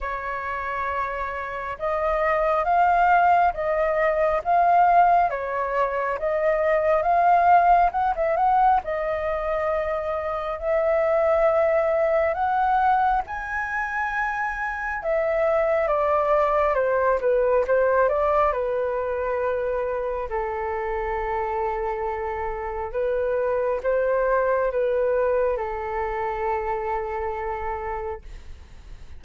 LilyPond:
\new Staff \with { instrumentName = "flute" } { \time 4/4 \tempo 4 = 68 cis''2 dis''4 f''4 | dis''4 f''4 cis''4 dis''4 | f''4 fis''16 e''16 fis''8 dis''2 | e''2 fis''4 gis''4~ |
gis''4 e''4 d''4 c''8 b'8 | c''8 d''8 b'2 a'4~ | a'2 b'4 c''4 | b'4 a'2. | }